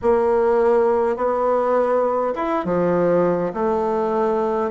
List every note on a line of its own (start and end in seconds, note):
0.02 1.16 A#3
1.16 2.34 B3
2.35 2.64 E4
2.64 3.52 F3
3.53 4.71 A3